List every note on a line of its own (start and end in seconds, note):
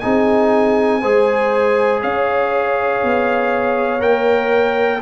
0.00 1.04 C4
0.00 1.02 D#4
0.00 1.01 G#4
0.00 2.00 G#5
1.01 2.03 G#3
1.01 4.00 G#4
1.01 2.01 C5
2.02 3.03 C#4
2.02 5.02 C#5
2.02 4.01 F5
3.03 4.03 B3
4.00 5.02 A#3
4.00 5.00 A#4
4.00 5.01 G5